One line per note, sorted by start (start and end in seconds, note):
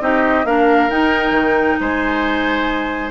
0.00 0.45 C4
0.00 0.44 D#4
0.00 0.46 G4
0.00 0.46 D#5
0.45 0.89 A#3
0.45 0.90 D4
0.45 1.80 A#4
0.45 0.90 F5
0.90 1.31 D#4
0.90 3.11 D#4
0.90 1.79 G5
1.31 1.75 D#3
1.80 3.11 G#3
1.80 3.11 C5
1.80 3.11 G#5